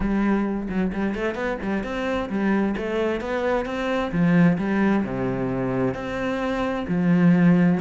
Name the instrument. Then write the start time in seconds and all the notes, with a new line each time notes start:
cello
0.00 G3
0.69 F#3
0.92 G3
1.15 A3
1.34 B3
1.62 G3
1.83 C4
2.29 G3
2.77 A3
3.21 B3
3.65 C4
4.12 F3
4.58 G3
5.04 C3
5.94 C4
6.88 F3